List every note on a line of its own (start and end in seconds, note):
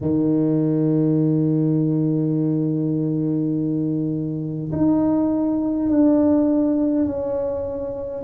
0.01 4.71 D#3
4.72 5.89 D#4
5.89 7.05 D4
7.05 8.22 C#4